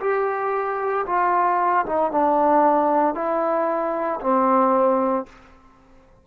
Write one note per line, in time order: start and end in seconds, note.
0.00 1.05 G4
1.06 1.85 F4
1.86 2.11 D#4
2.11 3.14 D4
3.14 4.20 E4
4.21 5.26 C4